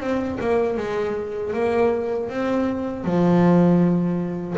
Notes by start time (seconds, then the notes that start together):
0.00 C4
0.40 A#3
0.77 G#3
1.53 A#3
2.29 C4
3.04 F3